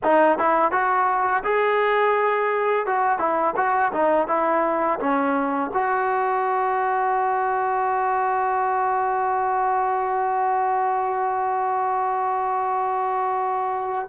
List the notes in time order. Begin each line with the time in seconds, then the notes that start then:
0.03 D#4
0.38 E4
0.71 F#4
1.44 G#4
2.86 F#4
3.19 E4
3.56 F#4
3.93 D#4
4.27 E4
4.99 C#4
5.73 F#4